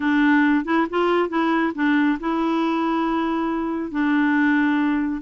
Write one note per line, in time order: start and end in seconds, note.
0.00 0.64 D4
0.65 0.86 E4
0.90 1.29 F4
1.29 1.72 E4
1.74 2.18 D4
2.20 3.91 E4
3.91 5.21 D4